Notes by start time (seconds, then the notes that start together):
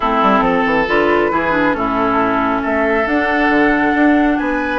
0.00 A3 C4 E4 A4
0.22 G3
0.40 F3 A4
0.65 E3
0.87 D3 F4 B4
1.31 E3 E4 G#4
1.51 D4
1.73 A2 C#4 E4 A4
2.62 A3 A4 E5
3.06 D4 F#5
3.48 D3
3.94 D4
4.38 B3 B4 G#5